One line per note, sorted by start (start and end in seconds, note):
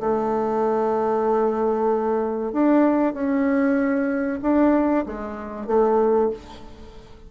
0.00 2.52 A3
2.52 3.13 D4
3.13 4.40 C#4
4.42 5.05 D4
5.06 5.67 G#3
5.67 6.30 A3